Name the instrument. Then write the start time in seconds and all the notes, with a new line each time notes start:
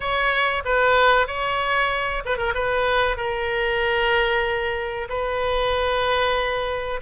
oboe
0.00 C#5
0.64 B4
1.27 C#5
2.25 B4
2.37 A#4
2.54 B4
3.16 A#4
5.09 B4